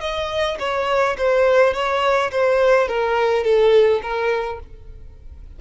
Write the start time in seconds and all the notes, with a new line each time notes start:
0.00 D#5
0.59 C#5
1.17 C5
1.74 C#5
2.31 C5
2.88 A#4
3.44 A4
4.02 A#4